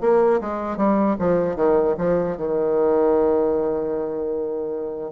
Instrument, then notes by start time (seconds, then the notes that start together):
bassoon
0.00 A#3
0.40 G#3
0.76 G3
1.19 F3
1.55 D#3
1.97 F3
2.36 D#3